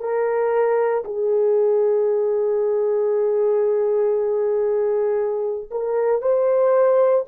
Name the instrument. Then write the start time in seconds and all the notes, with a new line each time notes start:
horn
0.00 A#4
1.04 G#4
5.70 A#4
6.21 C5